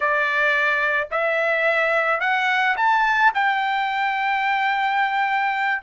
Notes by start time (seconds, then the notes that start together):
0.00 D5
1.11 E5
2.20 F#5
2.76 A5
3.34 G5